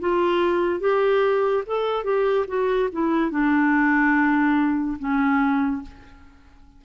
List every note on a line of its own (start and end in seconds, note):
0.00 0.80 F4
0.80 1.63 G4
1.66 2.04 A4
2.04 2.45 G4
2.47 2.89 F#4
2.92 3.31 E4
3.31 4.97 D4
4.99 5.82 C#4